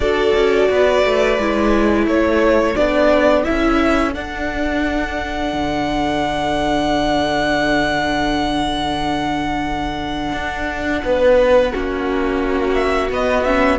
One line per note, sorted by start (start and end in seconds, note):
0.00 0.31 D4
0.00 1.38 F#4
0.00 0.69 A4
0.00 2.06 D5
0.34 0.68 C#4
0.69 1.04 B3
0.69 2.06 B4
1.04 1.38 A3
1.38 2.06 G#3
1.38 2.75 E4
2.06 2.75 A3
2.06 11.03 A4
2.06 2.76 C#5
2.75 3.46 B3
2.75 3.44 D4
2.75 3.44 D5
3.44 4.15 C#4
3.44 4.12 E4
3.44 4.13 E5
4.13 11.71 D4
4.13 5.53 D4
4.13 12.73 F#5
5.53 10.32 D3
10.32 11.01 D4
11.04 11.73 B3
11.04 11.72 B4
11.71 13.10 A#3
11.71 13.09 C#4
11.71 13.78 F#4
12.73 13.08 E5
13.10 13.44 B3
13.10 13.78 B3
13.10 13.43 D#5
13.43 13.78 C#4
13.43 13.78 E5